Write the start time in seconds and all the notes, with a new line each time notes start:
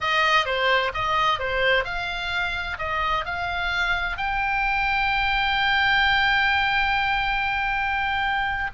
0.00 D#5
0.45 C5
0.93 D#5
1.39 C5
1.84 F5
2.78 D#5
3.25 F5
4.17 G5